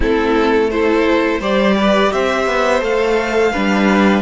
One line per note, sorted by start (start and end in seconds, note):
0.00 1.39 A3
0.00 0.69 C4
0.00 0.70 E4
0.00 0.70 A4
0.70 1.41 E4
0.70 1.39 A4
0.70 1.41 C5
1.39 2.10 G3
1.39 2.80 G4
1.39 1.74 C5
1.39 2.12 D5
1.77 2.12 B4
2.12 2.46 C4
2.12 3.52 C5
2.12 2.82 E5
2.46 2.81 B3
2.80 3.52 A3
2.80 3.51 A4
2.80 4.22 F5
3.52 4.22 G3
3.52 4.22 D4
3.52 4.22 B4